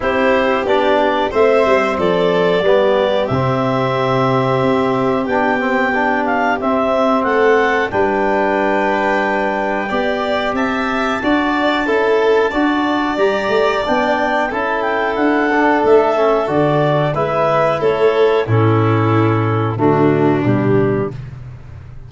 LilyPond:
<<
  \new Staff \with { instrumentName = "clarinet" } { \time 4/4 \tempo 4 = 91 c''4 d''4 e''4 d''4~ | d''4 e''2. | g''4. f''8 e''4 fis''4 | g''1 |
a''1 | ais''4 g''4 a''8 g''8 fis''4 | e''4 d''4 e''4 cis''4 | a'2 fis'4 g'4 | }
  \new Staff \with { instrumentName = "violin" } { \time 4/4 g'2 c''4 a'4 | g'1~ | g'2. a'4 | b'2. d''4 |
e''4 d''4 a'4 d''4~ | d''2 a'2~ | a'2 b'4 a'4 | e'2 d'2 | }
  \new Staff \with { instrumentName = "trombone" } { \time 4/4 e'4 d'4 c'2 | b4 c'2. | d'8 c'8 d'4 c'2 | d'2. g'4~ |
g'4 fis'4 e'4 fis'4 | g'4 d'4 e'4. d'8~ | d'8 cis'8 fis'4 e'2 | cis'2 a4 g4 | }
  \new Staff \with { instrumentName = "tuba" } { \time 4/4 c'4 b4 a8 g8 f4 | g4 c2 c'4 | b2 c'4 a4 | g2. b4 |
c'4 d'4 cis'4 d'4 | g8 a8 b4 cis'4 d'4 | a4 d4 gis4 a4 | a,2 d4 b,4 | }
>>